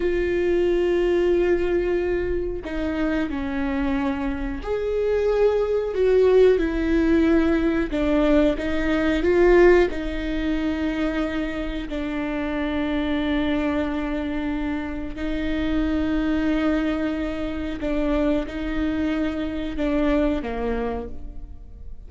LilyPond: \new Staff \with { instrumentName = "viola" } { \time 4/4 \tempo 4 = 91 f'1 | dis'4 cis'2 gis'4~ | gis'4 fis'4 e'2 | d'4 dis'4 f'4 dis'4~ |
dis'2 d'2~ | d'2. dis'4~ | dis'2. d'4 | dis'2 d'4 ais4 | }